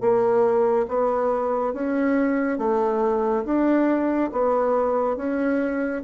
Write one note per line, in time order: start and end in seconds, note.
0.00 0.86 A#3
0.88 1.73 B3
1.73 2.58 C#4
2.58 3.44 A3
3.44 4.30 D4
4.32 5.16 B3
5.16 6.02 C#4